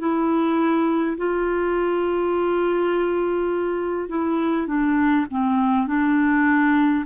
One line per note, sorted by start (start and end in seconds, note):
0.00 1.18 E4
1.18 4.09 F4
4.09 4.67 E4
4.67 5.26 D4
5.30 5.88 C4
5.88 7.05 D4